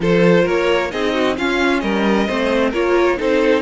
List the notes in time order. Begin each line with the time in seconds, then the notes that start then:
0.00 F3 F4 A4 C5
0.43 A#3 A#4 C#5
0.91 C4 D#4 G#4 D#5
1.14 F#4
1.37 C#4 F4 F5
1.79 G3 A#4 D#5
2.27 A3 C4 C5
2.70 A#3 F4 A#4 C#5
3.17 C4 D#4 A4 C5